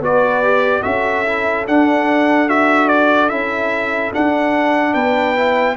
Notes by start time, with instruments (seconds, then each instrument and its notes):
0.00 tuba B3, trombone F#4, horn B4, trumpet D5
0.43 trombone G4
0.83 tuba C#4, trombone F#4, horn A4, trumpet E5
1.26 trombone E4
1.67 trombone D4, tuba D4, trumpet F#5
2.49 trombone F#4, trumpet E5
2.89 trumpet D5
3.29 tuba C#4, trombone E4, trumpet E5
4.13 trombone D4, tuba D4, trumpet F#5
4.93 tuba B3, horn B4, trumpet G5
5.36 trombone E4